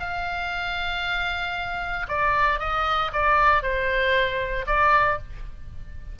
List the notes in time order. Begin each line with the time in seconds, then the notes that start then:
0.00 F5
2.09 D5
2.60 D#5
3.13 D5
3.63 C5
4.67 D5